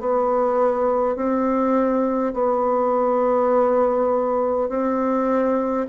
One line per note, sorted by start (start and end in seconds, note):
0.00 1.16 B3
1.16 2.34 C4
2.34 4.69 B3
4.69 5.87 C4